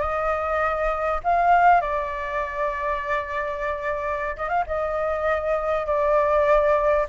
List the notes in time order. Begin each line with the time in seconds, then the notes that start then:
0.00 D#5
1.23 F5
1.81 D5
4.36 D#5
4.49 F5
4.66 D#5
5.86 D5